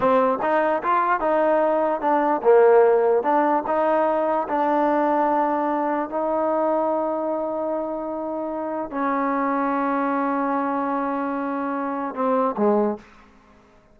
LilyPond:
\new Staff \with { instrumentName = "trombone" } { \time 4/4 \tempo 4 = 148 c'4 dis'4 f'4 dis'4~ | dis'4 d'4 ais2 | d'4 dis'2 d'4~ | d'2. dis'4~ |
dis'1~ | dis'2 cis'2~ | cis'1~ | cis'2 c'4 gis4 | }